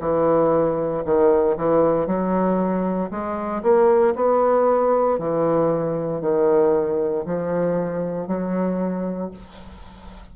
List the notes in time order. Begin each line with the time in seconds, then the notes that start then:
0.00 E3
1.04 D#3
1.57 E3
2.06 F#3
3.10 G#3
3.63 A#3
4.15 B3
5.18 E3
6.21 D#3
7.25 F3
8.27 F#3